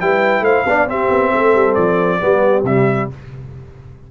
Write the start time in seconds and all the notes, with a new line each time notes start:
0.00 G3 E4 B4 G5
0.40 A3 C5 F5
0.65 B3 D4 D5
0.87 C4 G4 E5
1.09 B3
1.30 A3 A4
1.54 G3
1.74 F3 D5
2.20 G3 B3 G4
2.63 C3 G3 E5